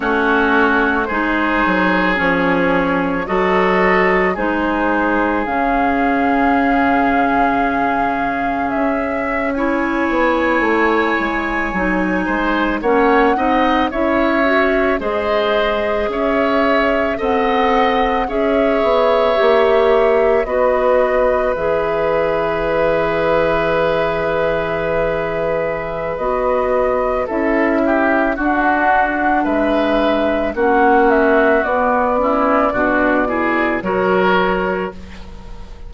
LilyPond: <<
  \new Staff \with { instrumentName = "flute" } { \time 4/4 \tempo 4 = 55 cis''4 c''4 cis''4 dis''4 | c''4 f''2. | e''8. gis''2. fis''16~ | fis''8. e''4 dis''4 e''4 fis''16~ |
fis''8. e''2 dis''4 e''16~ | e''1 | dis''4 e''4 fis''4 e''4 | fis''8 e''8 d''2 cis''4 | }
  \new Staff \with { instrumentName = "oboe" } { \time 4/4 fis'4 gis'2 a'4 | gis'1~ | gis'8. cis''2~ cis''8 c''8 cis''16~ | cis''16 dis''8 cis''4 c''4 cis''4 dis''16~ |
dis''8. cis''2 b'4~ b'16~ | b'1~ | b'4 a'8 g'8 fis'4 b'4 | fis'4. e'8 fis'8 gis'8 ais'4 | }
  \new Staff \with { instrumentName = "clarinet" } { \time 4/4 cis'4 dis'4 cis'4 fis'4 | dis'4 cis'2.~ | cis'8. e'2 dis'4 cis'16~ | cis'16 dis'8 e'8 fis'8 gis'2 a'16~ |
a'8. gis'4 g'4 fis'4 gis'16~ | gis'1 | fis'4 e'4 d'2 | cis'4 b8 cis'8 d'8 e'8 fis'4 | }
  \new Staff \with { instrumentName = "bassoon" } { \time 4/4 a4 gis8 fis8 f4 fis4 | gis4 cis2. | cis'4~ cis'16 b8 a8 gis8 fis8 gis8 ais16~ | ais16 c'8 cis'4 gis4 cis'4 c'16~ |
c'8. cis'8 b8 ais4 b4 e16~ | e1 | b4 cis'4 d'4 gis4 | ais4 b4 b,4 fis4 | }
>>